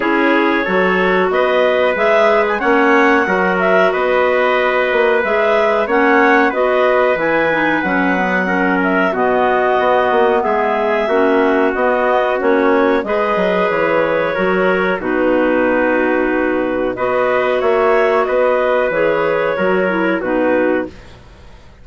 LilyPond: <<
  \new Staff \with { instrumentName = "clarinet" } { \time 4/4 \tempo 4 = 92 cis''2 dis''4 e''8. gis''16 | fis''4. e''8 dis''2 | e''4 fis''4 dis''4 gis''4 | fis''4. e''8 dis''2 |
e''2 dis''4 cis''4 | dis''4 cis''2 b'4~ | b'2 dis''4 e''4 | dis''4 cis''2 b'4 | }
  \new Staff \with { instrumentName = "trumpet" } { \time 4/4 gis'4 a'4 b'2 | cis''4 ais'4 b'2~ | b'4 cis''4 b'2~ | b'4 ais'4 fis'2 |
gis'4 fis'2. | b'2 ais'4 fis'4~ | fis'2 b'4 cis''4 | b'2 ais'4 fis'4 | }
  \new Staff \with { instrumentName = "clarinet" } { \time 4/4 e'4 fis'2 gis'4 | cis'4 fis'2. | gis'4 cis'4 fis'4 e'8 dis'8 | cis'8 b8 cis'4 b2~ |
b4 cis'4 b4 cis'4 | gis'2 fis'4 dis'4~ | dis'2 fis'2~ | fis'4 gis'4 fis'8 e'8 dis'4 | }
  \new Staff \with { instrumentName = "bassoon" } { \time 4/4 cis'4 fis4 b4 gis4 | ais4 fis4 b4. ais8 | gis4 ais4 b4 e4 | fis2 b,4 b8 ais8 |
gis4 ais4 b4 ais4 | gis8 fis8 e4 fis4 b,4~ | b,2 b4 ais4 | b4 e4 fis4 b,4 | }
>>